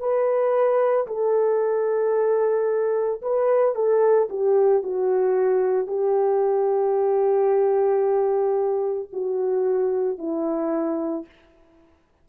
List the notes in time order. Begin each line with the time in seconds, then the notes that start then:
0.00 B4
1.08 A4
3.22 B4
3.75 A4
4.30 G4
4.84 F#4
5.88 G4
9.13 F#4
10.19 E4